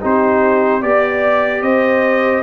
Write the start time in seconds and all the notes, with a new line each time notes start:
0.00 C4 D#4 G4 C5
0.81 B3 G4 D5
1.62 C4 C5 D#5